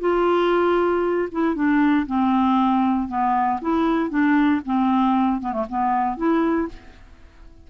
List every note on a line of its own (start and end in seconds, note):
0.00 1.28 F4
1.32 1.55 E4
1.55 2.06 D4
2.06 3.08 C4
3.08 3.59 B3
3.61 4.09 E4
4.09 4.61 D4
4.65 5.41 C4
5.41 5.52 B3
5.52 5.65 A3
5.69 6.17 B3
6.17 6.68 E4